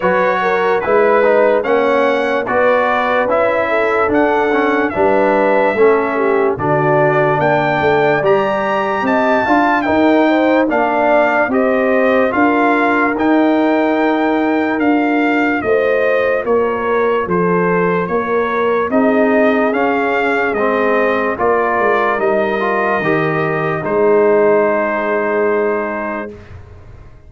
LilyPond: <<
  \new Staff \with { instrumentName = "trumpet" } { \time 4/4 \tempo 4 = 73 cis''4 b'4 fis''4 d''4 | e''4 fis''4 e''2 | d''4 g''4 ais''4 a''4 | g''4 f''4 dis''4 f''4 |
g''2 f''4 dis''4 | cis''4 c''4 cis''4 dis''4 | f''4 dis''4 d''4 dis''4~ | dis''4 c''2. | }
  \new Staff \with { instrumentName = "horn" } { \time 4/4 b'8 ais'8 b'4 cis''4 b'4~ | b'8 a'4. b'4 a'8 g'8 | fis'4 d''2 dis''8 f''8 | ais'8 c''8 d''4 c''4 ais'4~ |
ais'2. c''4 | ais'4 a'4 ais'4 gis'4~ | gis'2 ais'2~ | ais'4 gis'2. | }
  \new Staff \with { instrumentName = "trombone" } { \time 4/4 fis'4 e'8 dis'8 cis'4 fis'4 | e'4 d'8 cis'8 d'4 cis'4 | d'2 g'4. f'8 | dis'4 d'4 g'4 f'4 |
dis'2 f'2~ | f'2. dis'4 | cis'4 c'4 f'4 dis'8 f'8 | g'4 dis'2. | }
  \new Staff \with { instrumentName = "tuba" } { \time 4/4 fis4 gis4 ais4 b4 | cis'4 d'4 g4 a4 | d4 ais8 a8 g4 c'8 d'8 | dis'4 ais4 c'4 d'4 |
dis'2 d'4 a4 | ais4 f4 ais4 c'4 | cis'4 gis4 ais8 gis8 g4 | dis4 gis2. | }
>>